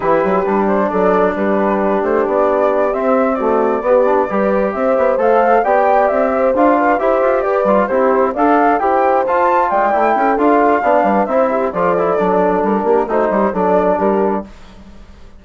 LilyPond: <<
  \new Staff \with { instrumentName = "flute" } { \time 4/4 \tempo 4 = 133 b'4. c''8 d''4 b'4~ | b'8 c''8 d''4. e''4 d''8~ | d''2~ d''8 e''4 f''8~ | f''8 g''4 e''4 f''4 e''8~ |
e''8 d''4 c''4 f''4 g''8~ | g''8 a''4 g''4. f''4~ | f''4 e''4 d''2 | ais'4 c''4 d''4 ais'4 | }
  \new Staff \with { instrumentName = "horn" } { \time 4/4 g'2 a'4 g'4~ | g'2.~ g'8 fis'8~ | fis'8 g'4 b'4 c''4.~ | c''8 d''4. c''4 b'8 c''8~ |
c''8 b'4 g'4 d''4 c''8~ | c''4. d''4 a'4. | d''8 b'8 c''8 g'8 a'2~ | a'8 g'8 fis'8 g'8 a'4 g'4 | }
  \new Staff \with { instrumentName = "trombone" } { \time 4/4 e'4 d'2.~ | d'2~ d'8 c'4 a8~ | a8 b8 d'8 g'2 a'8~ | a'8 g'2 f'4 g'8~ |
g'4 f'8 e'4 a'4 g'8~ | g'8 f'4. e'4 f'4 | d'4 e'4 f'8 e'8 d'4~ | d'4 dis'4 d'2 | }
  \new Staff \with { instrumentName = "bassoon" } { \time 4/4 e8 fis8 g4 fis4 g4~ | g8 a8 b4. c'4.~ | c'8 b4 g4 c'8 b8 a8~ | a8 b4 c'4 d'4 e'8 |
f'8 g'8 g8 c'4 d'4 e'8~ | e'8 f'4 gis8 a8 cis'8 d'4 | b8 g8 c'4 f4 fis4 | g8 ais8 a8 g8 fis4 g4 | }
>>